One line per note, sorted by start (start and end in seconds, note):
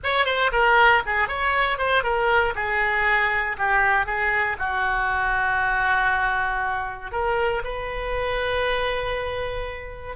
0.03 0.25 C#5
0.25 0.50 C5
0.52 1.03 A#4
1.05 1.28 G#4
1.28 1.78 C#5
1.78 2.03 C5
2.03 2.54 A#4
2.55 3.57 G#4
3.58 4.06 G4
4.06 4.56 G#4
4.58 7.11 F#4
7.11 7.62 A#4
7.64 10.16 B4